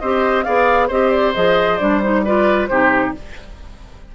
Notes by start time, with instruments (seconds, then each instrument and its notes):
0.00 bassoon C4, clarinet G4, oboe C5, flute D#5
0.44 bassoon B3, clarinet G#4, oboe D5, flute F5
0.88 bassoon C4, clarinet G4, oboe C5, flute D#5
1.11 flute D5
1.35 bassoon F3, clarinet G#4, flute D#5
1.79 bassoon G3, clarinet D4, flute D5
2.02 clarinet D#4, flute C5
2.25 clarinet F4, oboe B4, flute D5
2.68 bassoon C3, clarinet D#4, oboe G4, flute C5